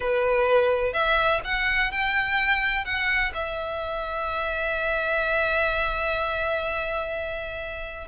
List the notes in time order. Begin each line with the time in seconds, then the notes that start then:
0.00 B4
0.93 E5
1.44 F#5
1.91 G5
2.84 F#5
3.34 E5